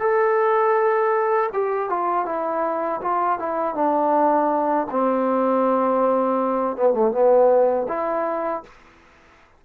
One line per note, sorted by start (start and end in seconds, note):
0.00 1.50 A4
1.53 1.90 G4
1.90 2.26 F4
2.26 3.01 E4
3.01 3.39 F4
3.39 3.75 E4
3.75 4.87 D4
4.91 6.77 C4
6.77 6.93 B3
6.93 7.12 A3
7.12 7.87 B3
7.88 8.63 E4